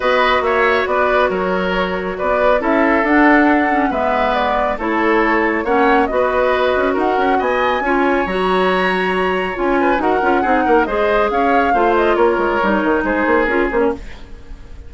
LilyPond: <<
  \new Staff \with { instrumentName = "flute" } { \time 4/4 \tempo 4 = 138 dis''4 e''4 d''4 cis''4~ | cis''4 d''4 e''4 fis''4~ | fis''4 e''4 d''4 cis''4~ | cis''4 fis''4 dis''2 |
fis''4 gis''2 ais''4~ | ais''2 gis''4 fis''4~ | fis''4 dis''4 f''4. dis''8 | cis''2 c''4 ais'8 c''16 cis''16 | }
  \new Staff \with { instrumentName = "oboe" } { \time 4/4 b'4 cis''4 b'4 ais'4~ | ais'4 b'4 a'2~ | a'4 b'2 a'4~ | a'4 cis''4 b'2 |
ais'4 dis''4 cis''2~ | cis''2~ cis''8 b'8 ais'4 | gis'8 ais'8 c''4 cis''4 c''4 | ais'2 gis'2 | }
  \new Staff \with { instrumentName = "clarinet" } { \time 4/4 fis'1~ | fis'2 e'4 d'4~ | d'8 cis'8 b2 e'4~ | e'4 cis'4 fis'2~ |
fis'2 f'4 fis'4~ | fis'2 f'4 fis'8 f'8 | dis'4 gis'2 f'4~ | f'4 dis'2 f'8 cis'8 | }
  \new Staff \with { instrumentName = "bassoon" } { \time 4/4 b4 ais4 b4 fis4~ | fis4 b4 cis'4 d'4~ | d'4 gis2 a4~ | a4 ais4 b4. cis'8 |
dis'8 cis'8 b4 cis'4 fis4~ | fis2 cis'4 dis'8 cis'8 | c'8 ais8 gis4 cis'4 a4 | ais8 gis8 g8 dis8 gis8 ais8 cis'8 ais8 | }
>>